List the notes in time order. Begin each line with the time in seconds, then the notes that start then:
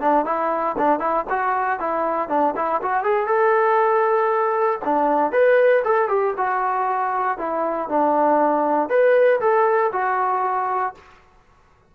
0.00 D4
0.25 E4
0.78 D4
0.99 E4
1.29 F#4
1.79 E4
2.29 D4
2.56 E4
2.82 F#4
3.03 G#4
3.27 A4
4.85 D4
5.32 B4
5.84 A4
6.08 G4
6.37 F#4
7.38 E4
7.88 D4
8.89 B4
9.40 A4
9.92 F#4